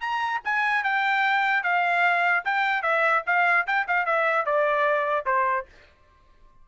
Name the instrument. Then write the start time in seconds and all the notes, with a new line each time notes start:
trumpet
0.00 A#5
0.44 G#5
0.83 G5
1.63 F5
2.44 G5
2.82 E5
3.26 F5
3.66 G5
3.87 F5
4.05 E5
4.46 D5
5.25 C5